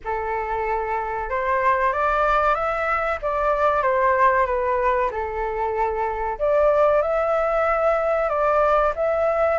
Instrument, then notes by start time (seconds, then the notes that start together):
flute
0.04 A4
1.29 C5
1.92 D5
2.54 E5
3.22 D5
3.82 C5
4.46 B4
5.10 A4
6.38 D5
7.02 E5
8.29 D5
8.95 E5